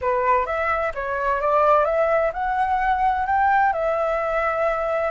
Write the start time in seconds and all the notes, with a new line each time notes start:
0.01 B4
0.46 E5
0.94 C#5
1.40 D5
1.85 E5
2.33 F#5
3.26 G5
3.73 E5